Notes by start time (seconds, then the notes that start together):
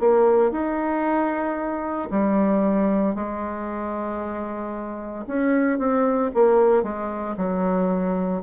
0.00 A#3
0.52 D#4
2.11 G3
3.15 G#3
5.27 C#4
5.79 C4
6.34 A#3
6.83 G#3
7.37 F#3